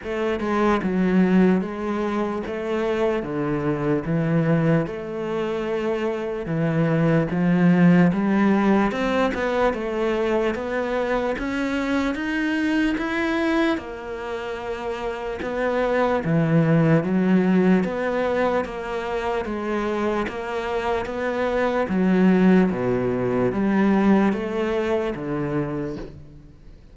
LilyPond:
\new Staff \with { instrumentName = "cello" } { \time 4/4 \tempo 4 = 74 a8 gis8 fis4 gis4 a4 | d4 e4 a2 | e4 f4 g4 c'8 b8 | a4 b4 cis'4 dis'4 |
e'4 ais2 b4 | e4 fis4 b4 ais4 | gis4 ais4 b4 fis4 | b,4 g4 a4 d4 | }